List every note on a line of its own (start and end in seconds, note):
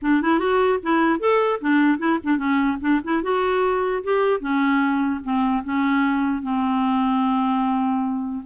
0.01 0.22 D4
0.22 0.39 E4
0.39 0.79 F#4
0.82 1.19 E4
1.19 1.60 A4
1.60 1.98 D4
1.98 2.18 E4
2.23 2.37 D4
2.37 2.77 C#4
2.80 3.00 D4
3.04 3.22 E4
3.22 4.03 F#4
4.03 4.40 G4
4.40 5.21 C#4
5.23 5.63 C4
5.64 6.42 C#4
6.42 8.44 C4